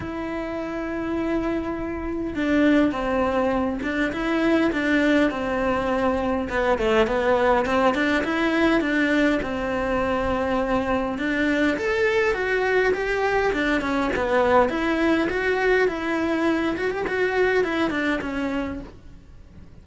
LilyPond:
\new Staff \with { instrumentName = "cello" } { \time 4/4 \tempo 4 = 102 e'1 | d'4 c'4. d'8 e'4 | d'4 c'2 b8 a8 | b4 c'8 d'8 e'4 d'4 |
c'2. d'4 | a'4 fis'4 g'4 d'8 cis'8 | b4 e'4 fis'4 e'4~ | e'8 fis'16 g'16 fis'4 e'8 d'8 cis'4 | }